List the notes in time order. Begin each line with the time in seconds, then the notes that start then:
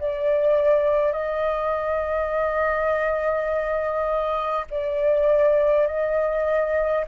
0.00 D5
1.13 D#5
4.71 D5
5.87 D#5